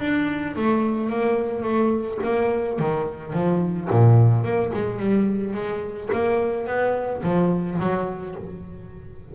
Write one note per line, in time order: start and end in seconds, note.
0.00 0.56 D4
0.56 1.10 A3
1.10 1.63 A#3
1.63 2.18 A3
2.23 2.79 A#3
2.79 3.33 D#3
3.33 3.89 F3
3.90 4.44 A#2
4.44 4.72 A#3
4.74 4.99 G#3
4.99 5.54 G3
5.54 6.10 G#3
6.13 6.67 A#3
6.67 7.22 B3
7.23 7.79 F3
7.80 8.35 F#3